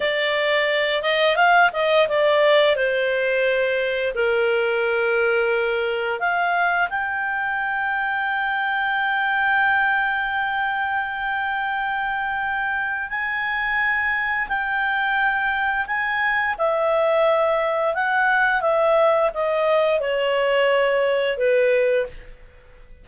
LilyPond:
\new Staff \with { instrumentName = "clarinet" } { \time 4/4 \tempo 4 = 87 d''4. dis''8 f''8 dis''8 d''4 | c''2 ais'2~ | ais'4 f''4 g''2~ | g''1~ |
g''2. gis''4~ | gis''4 g''2 gis''4 | e''2 fis''4 e''4 | dis''4 cis''2 b'4 | }